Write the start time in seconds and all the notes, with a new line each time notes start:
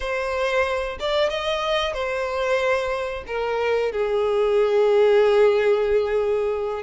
0.00 C5
0.99 D5
1.29 D#5
1.93 C5
3.26 A#4
3.91 G#4